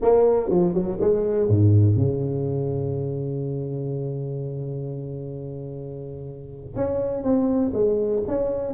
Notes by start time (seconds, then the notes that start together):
0.01 A#3
0.49 F3
0.74 F#3
1.00 G#3
1.48 G#2
1.95 C#3
6.75 C#4
7.23 C4
7.73 G#3
8.27 C#4